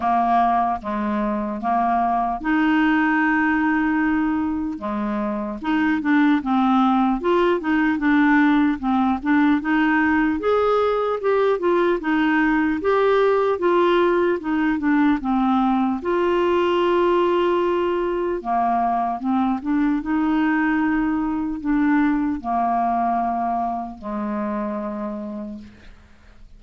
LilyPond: \new Staff \with { instrumentName = "clarinet" } { \time 4/4 \tempo 4 = 75 ais4 gis4 ais4 dis'4~ | dis'2 gis4 dis'8 d'8 | c'4 f'8 dis'8 d'4 c'8 d'8 | dis'4 gis'4 g'8 f'8 dis'4 |
g'4 f'4 dis'8 d'8 c'4 | f'2. ais4 | c'8 d'8 dis'2 d'4 | ais2 gis2 | }